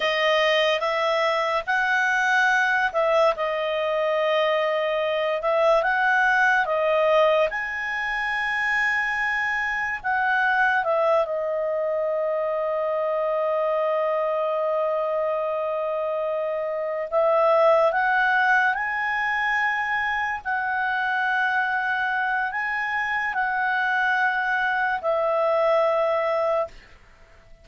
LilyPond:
\new Staff \with { instrumentName = "clarinet" } { \time 4/4 \tempo 4 = 72 dis''4 e''4 fis''4. e''8 | dis''2~ dis''8 e''8 fis''4 | dis''4 gis''2. | fis''4 e''8 dis''2~ dis''8~ |
dis''1~ | dis''8 e''4 fis''4 gis''4.~ | gis''8 fis''2~ fis''8 gis''4 | fis''2 e''2 | }